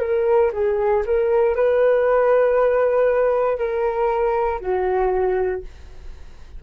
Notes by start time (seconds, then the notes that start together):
0.00 A#4
0.53 G#4
1.06 A#4
1.55 B4
3.58 A#4
4.60 F#4